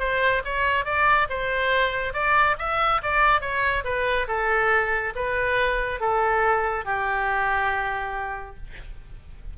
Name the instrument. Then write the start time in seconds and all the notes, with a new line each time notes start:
oboe
0.00 C5
0.45 C#5
0.85 D5
1.30 C5
2.14 D5
2.59 E5
3.03 D5
3.41 C#5
3.85 B4
4.28 A4
5.15 B4
6.01 A4
6.85 G4